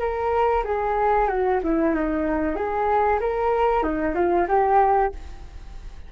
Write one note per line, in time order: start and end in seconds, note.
0.00 0.64 A#4
0.64 1.28 G#4
1.28 1.60 F#4
1.64 1.95 E4
1.95 2.56 D#4
2.56 3.20 G#4
3.20 3.83 A#4
3.83 4.15 D#4
4.15 4.47 F4
4.48 5.12 G4